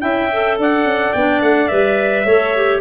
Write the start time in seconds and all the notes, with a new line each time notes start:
0.00 C#4 E4 E5 G5
0.32 A4
0.58 D4 D5 F#5
0.84 C#4
1.12 B3 D4 G5
1.41 A3 F#5
1.68 G3 B4 E5
2.24 A3 A4 C#5
2.55 G4